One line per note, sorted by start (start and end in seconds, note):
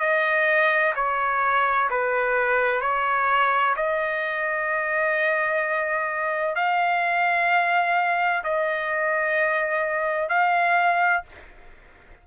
0.00 0.94 D#5
0.96 1.90 C#5
1.90 2.82 B4
2.82 3.75 C#5
3.77 6.56 D#5
6.56 8.43 F5
8.44 10.30 D#5
10.30 11.23 F5